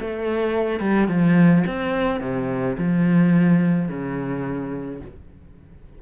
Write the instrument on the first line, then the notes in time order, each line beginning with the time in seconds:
cello
0.00 A3
0.80 G3
1.08 F3
1.67 C4
2.20 C3
2.78 F3
3.88 C#3